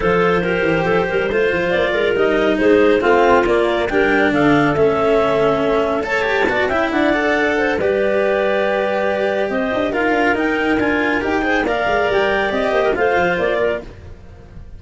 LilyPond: <<
  \new Staff \with { instrumentName = "clarinet" } { \time 4/4 \tempo 4 = 139 c''1 | d''4 dis''4 c''4 f''4 | d''4 g''4 f''4 e''4~ | e''2 a''4. g''8 |
fis''2 d''2~ | d''2 dis''4 f''4 | g''4 gis''4 g''4 f''4 | g''4 dis''4 f''4 d''4 | }
  \new Staff \with { instrumentName = "clarinet" } { \time 4/4 a'4 ais'4 a'8 ais'8 c''4~ | c''8 ais'4. gis'4 f'4~ | f'4 ais'4 a'2~ | a'2 cis''4 d''8 e''8 |
d''4. c''8 b'2~ | b'2 c''4 ais'4~ | ais'2~ ais'8 c''8 d''4~ | d''4. c''16 ais'16 c''4. ais'8 | }
  \new Staff \with { instrumentName = "cello" } { \time 4/4 f'4 g'2 f'4~ | f'4 dis'2 c'4 | ais4 d'2 cis'4~ | cis'2 a'8 g'8 fis'8 e'8~ |
e'8 a'4. g'2~ | g'2. f'4 | dis'4 f'4 g'8 gis'8 ais'4~ | ais'4 g'4 f'2 | }
  \new Staff \with { instrumentName = "tuba" } { \time 4/4 f4. e8 f8 g8 a8 f8 | ais8 gis8 g4 gis4 a4 | ais4 g4 d4 a4~ | a2. b8 cis'8 |
d'2 g2~ | g2 c'8 d'8 dis'8 d'8 | dis'4 d'4 dis'4 ais8 gis8 | g4 c'8 ais8 a8 f8 ais4 | }
>>